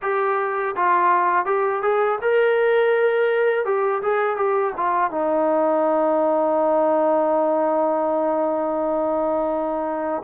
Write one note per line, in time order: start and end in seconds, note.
0.02 0.75 G4
0.76 1.45 F4
1.45 1.82 G4
1.82 2.19 G#4
2.21 3.65 A#4
3.65 4.01 G4
4.02 4.36 G#4
4.36 4.73 G4
4.77 5.10 F4
5.10 10.22 D#4